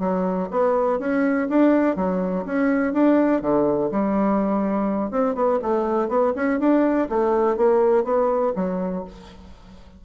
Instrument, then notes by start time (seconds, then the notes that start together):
bassoon
0.00 F#3
0.51 B3
1.00 C#4
1.50 D4
1.96 F#3
2.45 C#4
2.93 D4
3.42 D3
3.92 G3
5.11 C4
5.35 B3
5.63 A3
6.09 B3
6.36 C#4
6.60 D4
7.10 A3
7.57 A#3
8.04 B3
8.56 F#3